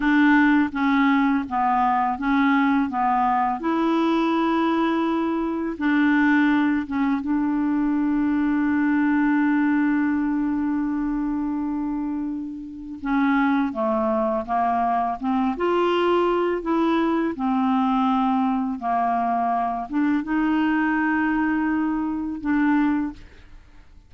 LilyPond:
\new Staff \with { instrumentName = "clarinet" } { \time 4/4 \tempo 4 = 83 d'4 cis'4 b4 cis'4 | b4 e'2. | d'4. cis'8 d'2~ | d'1~ |
d'2 cis'4 a4 | ais4 c'8 f'4. e'4 | c'2 ais4. d'8 | dis'2. d'4 | }